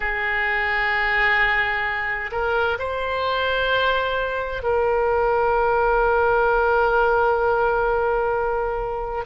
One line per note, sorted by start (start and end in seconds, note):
0.00 2.31 G#4
2.31 2.77 A#4
2.78 4.62 C5
4.62 9.24 A#4